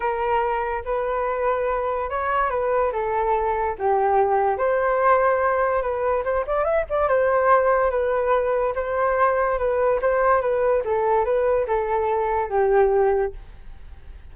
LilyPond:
\new Staff \with { instrumentName = "flute" } { \time 4/4 \tempo 4 = 144 ais'2 b'2~ | b'4 cis''4 b'4 a'4~ | a'4 g'2 c''4~ | c''2 b'4 c''8 d''8 |
e''8 d''8 c''2 b'4~ | b'4 c''2 b'4 | c''4 b'4 a'4 b'4 | a'2 g'2 | }